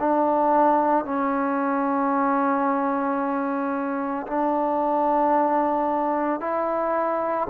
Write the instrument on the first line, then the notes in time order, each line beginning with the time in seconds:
trombone
0.00 D4
1.05 C#4
4.27 D4
6.41 E4